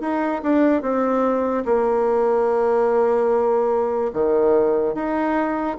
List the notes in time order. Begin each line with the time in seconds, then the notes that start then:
0.00 D#4
0.43 D4
0.82 C4
1.65 A#3
4.13 D#3
4.94 D#4